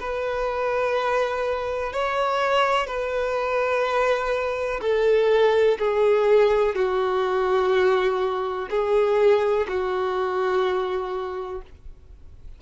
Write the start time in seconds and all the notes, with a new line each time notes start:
0.00 B4
1.93 C#5
2.87 B4
4.81 A4
5.79 G#4
6.75 F#4
8.70 G#4
9.68 F#4